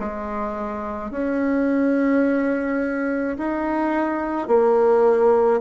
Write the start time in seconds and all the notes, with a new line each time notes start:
0.00 G#3
1.11 C#4
3.38 D#4
4.47 A#3